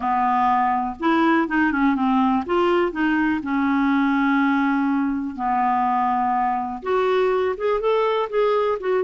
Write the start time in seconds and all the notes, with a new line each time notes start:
0.00 B3
0.99 E4
1.48 D#4
1.72 C#4
1.95 C4
2.46 F4
2.92 D#4
3.42 C#4
5.35 B3
6.82 F#4
7.57 G#4
7.80 A4
8.29 G#4
8.79 F#4